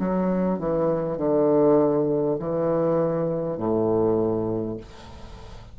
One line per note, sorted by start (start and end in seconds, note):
0.00 0.59 F#3
0.59 1.18 E3
1.18 2.38 D3
2.39 3.58 E3
3.58 4.78 A2